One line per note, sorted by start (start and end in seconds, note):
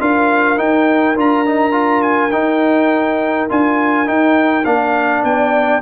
0.00 0.58 D4
0.00 0.57 F4
0.00 5.25 A#4
0.00 0.58 F5
0.57 1.15 D#4
0.57 1.16 D#4
0.57 1.17 G5
1.16 2.33 D4
1.16 1.45 F4
1.16 2.03 A#5
1.46 1.72 D#4
1.72 2.30 F4
2.03 2.31 G#5
2.31 3.49 D#4
2.31 3.48 G5
3.49 4.09 D4
3.49 4.06 F4
3.49 4.09 G#5
4.06 4.64 D#4
4.06 4.66 D#4
4.06 4.65 G5
4.65 5.24 A#3
4.65 5.82 D4
4.65 5.23 F5
5.24 5.82 B3
5.24 5.82 D5
5.24 5.82 G5